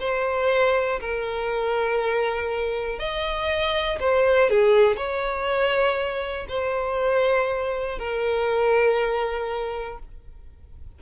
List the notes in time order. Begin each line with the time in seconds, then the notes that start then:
0.00 C5
1.00 A#4
2.99 D#5
4.00 C5
4.50 G#4
4.97 C#5
6.49 C5
7.99 A#4